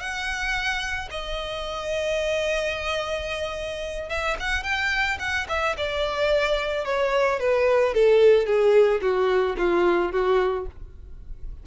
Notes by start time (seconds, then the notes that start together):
0.00 F#5
1.11 D#5
4.10 E5
4.40 F#5
4.64 G5
5.20 F#5
5.49 E5
5.77 D5
6.85 C#5
7.40 B4
7.94 A4
8.47 G#4
9.02 F#4
9.58 F4
10.12 F#4